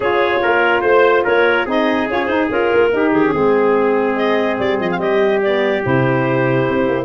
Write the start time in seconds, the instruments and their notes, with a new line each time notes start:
0.00 tuba C#4, saxophone F4, trumpet G#4, clarinet C#5
0.42 tuba A#3, trumpet A#4
0.81 tuba A3, trumpet C5, clarinet C5
1.24 tuba A#3, trumpet A#4, clarinet C#5
1.65 tuba C4, saxophone D#4, trumpet G#4, clarinet D#5
2.10 saxophone C#4, tuba F4, clarinet C#5
2.26 tuba D#4, saxophone D#4, clarinet C5
2.48 tuba C#4, saxophone F4, clarinet A#4
2.73 tuba A#3
2.92 tuba D#4, saxophone D#4, trumpet G4
3.11 tuba D#3, clarinet G#4
3.25 saxophone C#4
3.33 tuba G#3, saxophone C4, trumpet G#4
4.15 clarinet D#5
4.59 tuba G3, clarinet D5
4.80 tuba F3, clarinet D#5
4.91 clarinet F5
4.98 tuba G3, trumpet G4, clarinet D#5
5.42 saxophone B3, clarinet D5
5.82 tuba C3, saxophone E4, clarinet C5
6.69 tuba C4
6.88 tuba A#3